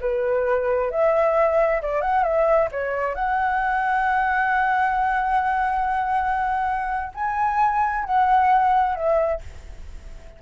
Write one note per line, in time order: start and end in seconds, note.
0.00 0.90 B4
0.90 1.81 E5
1.81 2.01 D5
2.01 2.23 F#5
2.23 2.68 E5
2.71 3.14 C#5
3.14 7.12 F#5
7.14 8.04 G#5
8.04 8.95 F#5
8.95 9.40 E5